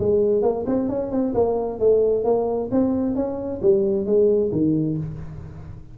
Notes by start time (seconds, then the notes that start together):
0.00 G#3
0.43 A#3
0.67 C4
0.89 C#4
1.12 C4
1.35 A#3
1.80 A3
2.25 A#3
2.72 C4
3.16 C#4
3.62 G3
4.06 G#3
4.52 D#3